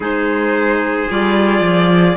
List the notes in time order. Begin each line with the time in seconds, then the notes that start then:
0.00 G#3 D#4 G#4 C5
1.09 G3 F4 D5
1.60 F3